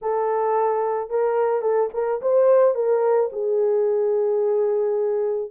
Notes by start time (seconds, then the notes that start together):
0.01 A4
1.09 A#4
1.61 A4
1.93 A#4
2.21 C5
2.74 A#4
3.32 G#4